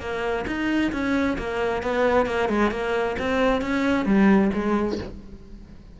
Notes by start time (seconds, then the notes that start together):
0.00 A#3
0.47 D#4
0.92 C#4
1.38 A#3
1.82 B3
2.26 A#3
2.49 G#3
2.71 A#3
3.18 C4
3.61 C#4
4.05 G3
4.53 G#3